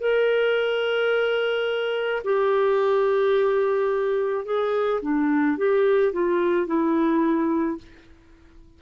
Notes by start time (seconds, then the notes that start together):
0.00 A#4
2.24 G4
4.45 G#4
5.02 D4
5.57 G4
6.12 F4
6.67 E4